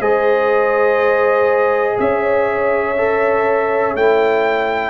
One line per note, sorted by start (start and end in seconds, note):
0.00 1.97 G#3
0.00 2.96 G#4
0.00 1.97 C5
0.00 1.98 D#5
1.99 3.94 C#4
1.99 4.90 C#5
1.99 3.96 E5
2.97 3.95 A4
3.94 4.90 A3
3.94 4.90 E4
3.94 4.90 G5